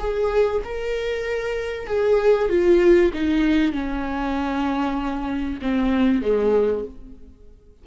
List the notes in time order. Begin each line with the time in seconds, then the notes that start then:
0.00 G#4
0.65 A#4
1.87 G#4
2.49 F4
3.14 D#4
3.73 C#4
5.62 C4
6.22 G#3